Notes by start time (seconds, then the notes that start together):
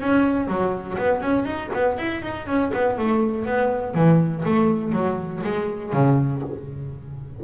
0.00 C#4
0.47 F#3
0.98 B3
1.21 C#4
1.45 D#4
1.73 B3
1.98 E4
2.22 D#4
2.46 C#4
2.73 B3
2.98 A3
3.45 B3
3.94 E3
4.45 A3
4.92 F#3
5.43 G#3
5.92 C#3